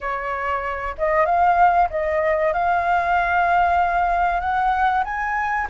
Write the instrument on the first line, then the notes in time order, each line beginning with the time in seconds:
flute
0.00 C#5
0.98 D#5
1.25 F5
1.89 D#5
2.53 F5
4.40 F#5
5.04 G#5